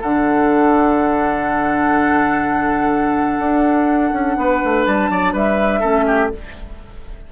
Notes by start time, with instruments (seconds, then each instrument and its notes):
0.00 bassoon D3, clarinet D4, oboe A4, flute F#5
3.38 bassoon D4
4.11 bassoon C#4
4.36 bassoon B3, oboe B4
4.64 bassoon A3
4.85 bassoon G3, flute A5
5.09 bassoon F#3, oboe D5
5.32 bassoon G3, oboe B4, flute E5
5.79 bassoon A3, clarinet C#4, oboe A4
6.06 oboe G4